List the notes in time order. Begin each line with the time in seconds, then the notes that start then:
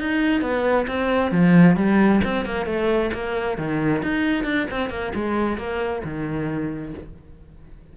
0.00 D#4
0.42 B3
0.88 C4
1.32 F3
1.77 G3
2.25 C4
2.46 A#3
2.66 A3
3.14 A#3
3.58 D#3
4.03 D#4
4.45 D4
4.71 C4
4.90 A#3
5.15 G#3
5.58 A#3
6.05 D#3